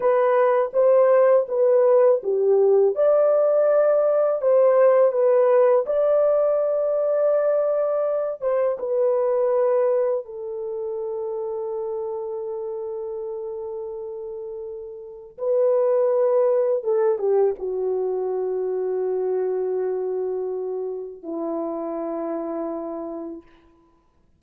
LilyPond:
\new Staff \with { instrumentName = "horn" } { \time 4/4 \tempo 4 = 82 b'4 c''4 b'4 g'4 | d''2 c''4 b'4 | d''2.~ d''8 c''8 | b'2 a'2~ |
a'1~ | a'4 b'2 a'8 g'8 | fis'1~ | fis'4 e'2. | }